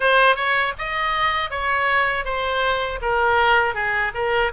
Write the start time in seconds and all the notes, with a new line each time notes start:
0.00 C5
0.35 C#5
0.78 D#5
1.50 C#5
2.24 C5
3.01 A#4
3.74 G#4
4.14 A#4